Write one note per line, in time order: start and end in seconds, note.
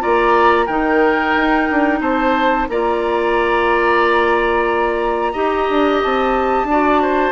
0.00 0.68 A#3
0.00 0.67 F4
0.00 0.66 D5
0.00 0.67 A#5
0.66 1.35 D#3
0.66 2.70 D#4
0.66 1.99 A#4
0.66 2.00 G5
1.36 1.70 D#4
1.71 2.01 D4
2.01 2.67 C4
2.01 2.68 C5
2.01 2.68 A5
2.69 5.35 A#3
2.69 5.34 F4
2.69 5.33 D5
2.69 6.03 A#5
5.33 5.68 D#4
5.33 6.68 G4
5.33 6.66 D#5
5.70 6.03 D4
6.03 6.64 C4
6.03 7.32 A5
6.64 7.31 D4
6.71 7.32 F#4
6.71 7.02 D5
7.02 7.32 C5